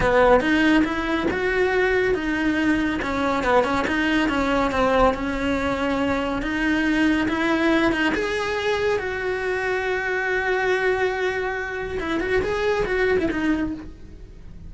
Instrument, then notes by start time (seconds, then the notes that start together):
cello
0.00 B3
0.40 D#4
0.84 E4
1.31 F#4
2.14 D#4
3.02 C#4
3.43 B3
3.64 C#4
3.87 D#4
4.29 C#4
4.71 C4
5.14 C#4
6.42 D#4
7.28 E4
7.91 D#4
8.14 G#4
8.98 F#4
11.99 E4
12.20 F#4
12.42 G#4
12.85 F#4
13.19 E4
13.30 D#4